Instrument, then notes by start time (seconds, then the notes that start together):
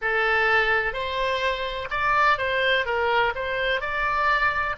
oboe
0.01 A4
0.93 C5
1.90 D5
2.38 C5
2.85 A#4
3.35 C5
3.81 D5